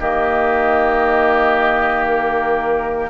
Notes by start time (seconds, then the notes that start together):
0.00 D#3 A#3 G4 D#5
2.08 A#4